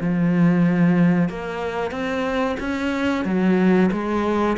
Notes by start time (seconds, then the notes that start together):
0.00 F3
1.29 A#3
1.91 C4
2.60 C#4
3.25 F#3
3.92 G#3